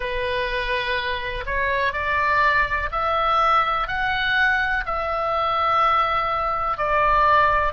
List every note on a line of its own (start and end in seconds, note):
0.00 1.44 B4
1.46 1.93 C#5
1.93 2.89 D5
2.91 3.87 E5
3.87 4.84 F#5
4.85 6.77 E5
6.77 7.72 D5